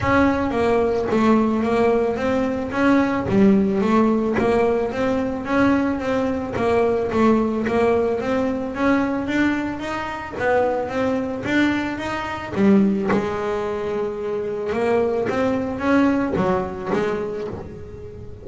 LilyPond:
\new Staff \with { instrumentName = "double bass" } { \time 4/4 \tempo 4 = 110 cis'4 ais4 a4 ais4 | c'4 cis'4 g4 a4 | ais4 c'4 cis'4 c'4 | ais4 a4 ais4 c'4 |
cis'4 d'4 dis'4 b4 | c'4 d'4 dis'4 g4 | gis2. ais4 | c'4 cis'4 fis4 gis4 | }